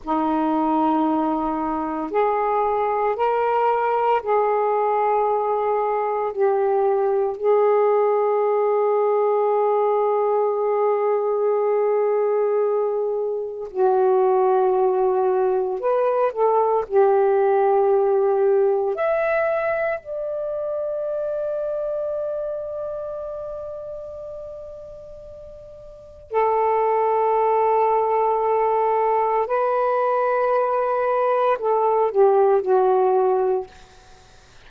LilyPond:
\new Staff \with { instrumentName = "saxophone" } { \time 4/4 \tempo 4 = 57 dis'2 gis'4 ais'4 | gis'2 g'4 gis'4~ | gis'1~ | gis'4 fis'2 b'8 a'8 |
g'2 e''4 d''4~ | d''1~ | d''4 a'2. | b'2 a'8 g'8 fis'4 | }